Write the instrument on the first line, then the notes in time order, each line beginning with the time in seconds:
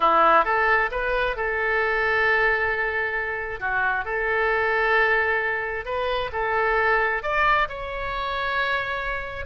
oboe
0.00 E4
0.44 A4
0.91 B4
1.36 A4
3.60 F#4
4.04 A4
5.85 B4
6.32 A4
7.23 D5
7.68 C#5